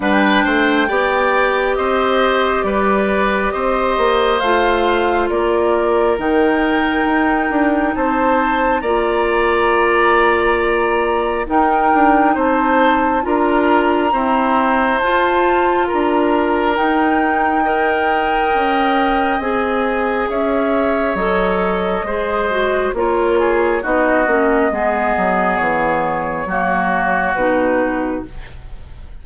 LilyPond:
<<
  \new Staff \with { instrumentName = "flute" } { \time 4/4 \tempo 4 = 68 g''2 dis''4 d''4 | dis''4 f''4 d''4 g''4~ | g''4 a''4 ais''2~ | ais''4 g''4 a''4 ais''4~ |
ais''4 a''4 ais''4 g''4~ | g''2 gis''4 e''4 | dis''2 cis''4 dis''4~ | dis''4 cis''2 b'4 | }
  \new Staff \with { instrumentName = "oboe" } { \time 4/4 b'8 c''8 d''4 c''4 b'4 | c''2 ais'2~ | ais'4 c''4 d''2~ | d''4 ais'4 c''4 ais'4 |
c''2 ais'2 | dis''2. cis''4~ | cis''4 c''4 ais'8 gis'8 fis'4 | gis'2 fis'2 | }
  \new Staff \with { instrumentName = "clarinet" } { \time 4/4 d'4 g'2.~ | g'4 f'2 dis'4~ | dis'2 f'2~ | f'4 dis'2 f'4 |
c'4 f'2 dis'4 | ais'2 gis'2 | a'4 gis'8 fis'8 f'4 dis'8 cis'8 | b2 ais4 dis'4 | }
  \new Staff \with { instrumentName = "bassoon" } { \time 4/4 g8 a8 b4 c'4 g4 | c'8 ais8 a4 ais4 dis4 | dis'8 d'8 c'4 ais2~ | ais4 dis'8 d'8 c'4 d'4 |
e'4 f'4 d'4 dis'4~ | dis'4 cis'4 c'4 cis'4 | fis4 gis4 ais4 b8 ais8 | gis8 fis8 e4 fis4 b,4 | }
>>